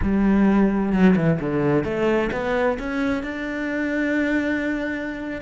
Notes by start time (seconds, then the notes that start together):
0.02 G3
0.92 F#3
1.16 E3
1.40 D3
1.84 A3
2.31 B3
2.78 C#4
3.23 D4